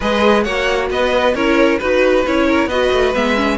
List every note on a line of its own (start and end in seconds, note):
0.00 0.46 G#3
0.00 0.45 G#4
0.00 0.44 B4
0.00 0.43 D#5
0.43 0.90 A#3
0.43 1.35 F#4
0.43 0.88 C#5
0.43 0.88 F#5
0.90 1.34 B3
0.90 1.34 B4
0.90 1.35 D#5
1.34 1.79 C#4
1.34 1.80 E4
1.34 1.79 A#4
1.34 1.78 C#5
1.78 2.25 D#4
1.78 2.25 F#4
1.78 2.22 B4
1.78 2.46 B4
2.25 2.66 C#4
2.25 2.70 E4
2.25 2.68 C#5
2.47 2.68 A#4
2.66 2.88 B3
2.66 3.14 F#4
2.66 3.57 B4
2.66 3.13 D#5
2.92 3.14 A3
3.14 3.58 G#3
3.14 3.35 B3
3.14 3.58 E5
3.35 3.57 C#4